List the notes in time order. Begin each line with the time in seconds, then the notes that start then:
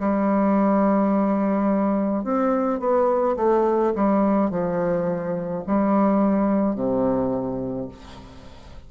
0.00 G3
2.24 C4
2.80 B3
3.37 A3
3.95 G3
4.51 F3
5.67 G3
6.76 C3